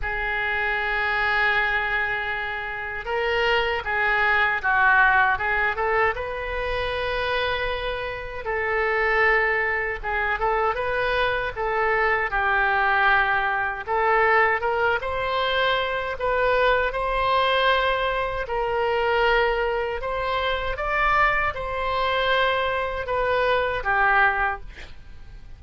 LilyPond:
\new Staff \with { instrumentName = "oboe" } { \time 4/4 \tempo 4 = 78 gis'1 | ais'4 gis'4 fis'4 gis'8 a'8 | b'2. a'4~ | a'4 gis'8 a'8 b'4 a'4 |
g'2 a'4 ais'8 c''8~ | c''4 b'4 c''2 | ais'2 c''4 d''4 | c''2 b'4 g'4 | }